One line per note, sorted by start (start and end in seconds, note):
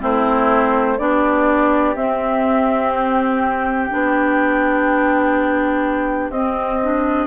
0.00 0.98 A3
0.00 0.97 C4
0.00 0.97 E4
0.00 0.98 C5
0.97 1.95 B3
0.97 1.95 D4
0.97 7.26 G4
0.97 1.95 D5
1.95 3.89 C4
1.95 2.92 E5
2.94 6.31 G5
3.90 6.29 B3
3.90 6.32 D4
6.29 7.26 C4
6.29 6.81 C4
6.29 7.26 D#5
6.81 7.26 D4